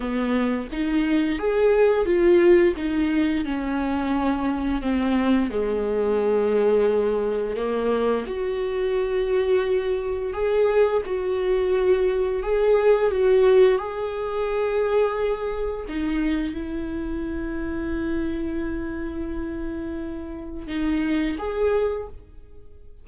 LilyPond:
\new Staff \with { instrumentName = "viola" } { \time 4/4 \tempo 4 = 87 b4 dis'4 gis'4 f'4 | dis'4 cis'2 c'4 | gis2. ais4 | fis'2. gis'4 |
fis'2 gis'4 fis'4 | gis'2. dis'4 | e'1~ | e'2 dis'4 gis'4 | }